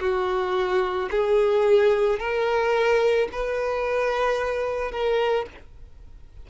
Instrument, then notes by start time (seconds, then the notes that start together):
violin
0.00 F#4
1.11 G#4
2.20 A#4
3.32 B4
4.92 A#4